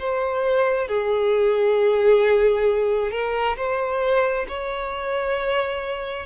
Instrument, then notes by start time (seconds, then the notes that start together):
violin
0.00 C5
0.88 G#4
3.12 A#4
3.57 C5
4.49 C#5